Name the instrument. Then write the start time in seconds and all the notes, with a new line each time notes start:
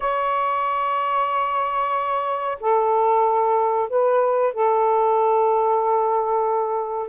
saxophone
0.00 C#5
2.60 A4
3.89 B4
4.53 A4